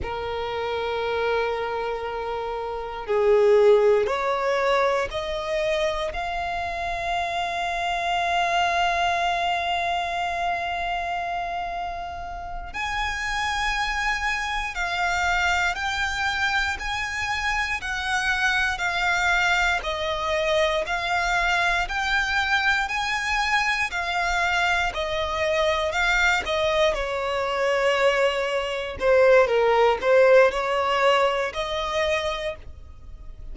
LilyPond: \new Staff \with { instrumentName = "violin" } { \time 4/4 \tempo 4 = 59 ais'2. gis'4 | cis''4 dis''4 f''2~ | f''1~ | f''8 gis''2 f''4 g''8~ |
g''8 gis''4 fis''4 f''4 dis''8~ | dis''8 f''4 g''4 gis''4 f''8~ | f''8 dis''4 f''8 dis''8 cis''4.~ | cis''8 c''8 ais'8 c''8 cis''4 dis''4 | }